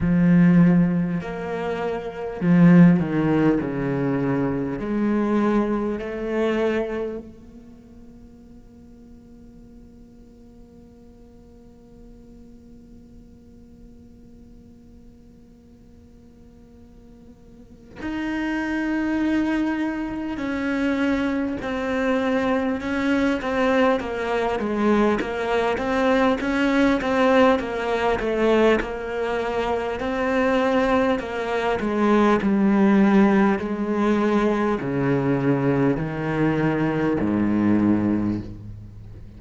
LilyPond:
\new Staff \with { instrumentName = "cello" } { \time 4/4 \tempo 4 = 50 f4 ais4 f8 dis8 cis4 | gis4 a4 ais2~ | ais1~ | ais2. dis'4~ |
dis'4 cis'4 c'4 cis'8 c'8 | ais8 gis8 ais8 c'8 cis'8 c'8 ais8 a8 | ais4 c'4 ais8 gis8 g4 | gis4 cis4 dis4 gis,4 | }